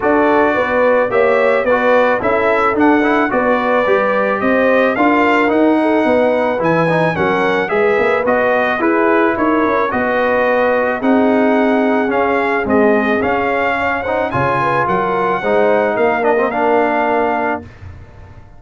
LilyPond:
<<
  \new Staff \with { instrumentName = "trumpet" } { \time 4/4 \tempo 4 = 109 d''2 e''4 d''4 | e''4 fis''4 d''2 | dis''4 f''4 fis''2 | gis''4 fis''4 e''4 dis''4 |
b'4 cis''4 dis''2 | fis''2 f''4 dis''4 | f''4. fis''8 gis''4 fis''4~ | fis''4 f''8 dis''8 f''2 | }
  \new Staff \with { instrumentName = "horn" } { \time 4/4 a'4 b'4 cis''4 b'4 | a'2 b'2 | c''4 ais'4. a'8 b'4~ | b'4 ais'4 b'2 |
gis'4 ais'4 b'2 | gis'1~ | gis'4 cis''8 c''8 cis''8 b'8 ais'4 | c''4 ais'2. | }
  \new Staff \with { instrumentName = "trombone" } { \time 4/4 fis'2 g'4 fis'4 | e'4 d'8 e'8 fis'4 g'4~ | g'4 f'4 dis'2 | e'8 dis'8 cis'4 gis'4 fis'4 |
e'2 fis'2 | dis'2 cis'4 gis4 | cis'4. dis'8 f'2 | dis'4. d'16 c'16 d'2 | }
  \new Staff \with { instrumentName = "tuba" } { \time 4/4 d'4 b4 ais4 b4 | cis'4 d'4 b4 g4 | c'4 d'4 dis'4 b4 | e4 fis4 gis8 ais8 b4 |
e'4 dis'8 cis'8 b2 | c'2 cis'4 c'4 | cis'2 cis4 fis4 | gis4 ais2. | }
>>